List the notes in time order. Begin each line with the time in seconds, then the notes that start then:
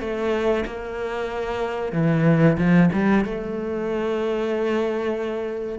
0.00 A3
0.66 A#3
1.93 E3
2.58 F3
2.93 G3
3.25 A3